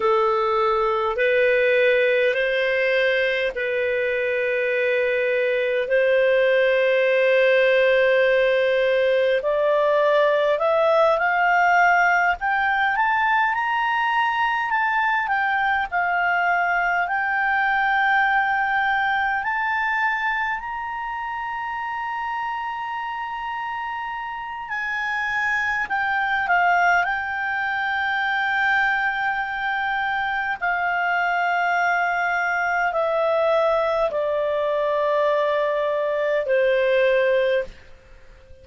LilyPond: \new Staff \with { instrumentName = "clarinet" } { \time 4/4 \tempo 4 = 51 a'4 b'4 c''4 b'4~ | b'4 c''2. | d''4 e''8 f''4 g''8 a''8 ais''8~ | ais''8 a''8 g''8 f''4 g''4.~ |
g''8 a''4 ais''2~ ais''8~ | ais''4 gis''4 g''8 f''8 g''4~ | g''2 f''2 | e''4 d''2 c''4 | }